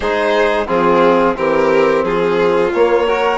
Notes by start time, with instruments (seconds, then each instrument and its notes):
0.00 bassoon G#3, trombone D#4, violin G#4 C5
0.67 bassoon F3, violin C4 G#4, trombone F4
1.35 bassoon E3, trombone C4, violin G4 A#4
2.03 bassoon F3, violin F4 G#4
2.73 bassoon A#3, trombone A#3, violin C#5
3.07 trombone F#4, violin A#4